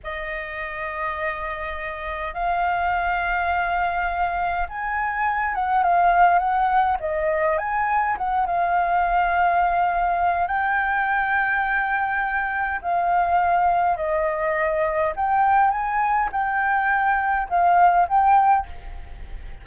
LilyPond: \new Staff \with { instrumentName = "flute" } { \time 4/4 \tempo 4 = 103 dis''1 | f''1 | gis''4. fis''8 f''4 fis''4 | dis''4 gis''4 fis''8 f''4.~ |
f''2 g''2~ | g''2 f''2 | dis''2 g''4 gis''4 | g''2 f''4 g''4 | }